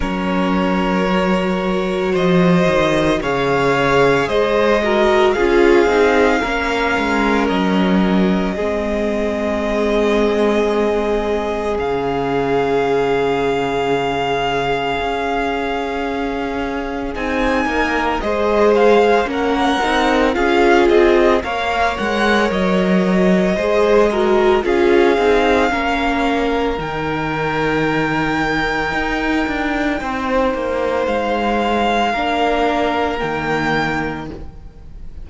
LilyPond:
<<
  \new Staff \with { instrumentName = "violin" } { \time 4/4 \tempo 4 = 56 cis''2 dis''4 f''4 | dis''4 f''2 dis''4~ | dis''2. f''4~ | f''1 |
gis''4 dis''8 f''8 fis''4 f''8 dis''8 | f''8 fis''8 dis''2 f''4~ | f''4 g''2.~ | g''4 f''2 g''4 | }
  \new Staff \with { instrumentName = "violin" } { \time 4/4 ais'2 c''4 cis''4 | c''8 ais'8 gis'4 ais'2 | gis'1~ | gis'1~ |
gis'8 ais'8 c''4 ais'4 gis'4 | cis''2 c''8 ais'8 gis'4 | ais'1 | c''2 ais'2 | }
  \new Staff \with { instrumentName = "viola" } { \time 4/4 cis'4 fis'2 gis'4~ | gis'8 fis'8 f'8 dis'8 cis'2 | c'2. cis'4~ | cis'1 |
dis'4 gis'4 cis'8 dis'8 f'4 | ais'2 gis'8 fis'8 f'8 dis'8 | cis'4 dis'2.~ | dis'2 d'4 ais4 | }
  \new Staff \with { instrumentName = "cello" } { \time 4/4 fis2 f8 dis8 cis4 | gis4 cis'8 c'8 ais8 gis8 fis4 | gis2. cis4~ | cis2 cis'2 |
c'8 ais8 gis4 ais8 c'8 cis'8 c'8 | ais8 gis8 fis4 gis4 cis'8 c'8 | ais4 dis2 dis'8 d'8 | c'8 ais8 gis4 ais4 dis4 | }
>>